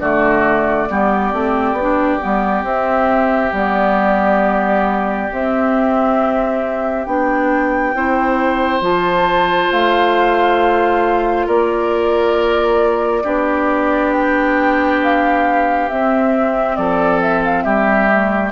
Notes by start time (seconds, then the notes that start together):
0.00 D3 A3 F#4 D5
0.90 G3 B3 G4
1.33 A3 C4
1.73 B3
1.80 D4
2.20 G3 B3
2.64 C4 E5
3.53 G3 B3 D5
5.32 C4 E5
7.05 B3 D4 G5
7.94 C4 E4 C5
8.81 F3 F4 A5
9.72 A3 F5
11.47 A#3 A#4 D5
13.24 B3 D4 G4
14.12 G5
15.03 F5
15.90 C4 E5
16.76 F3 A4 D5
17.22 E5
17.45 F5
17.62 G3 G4 E5
18.11 A3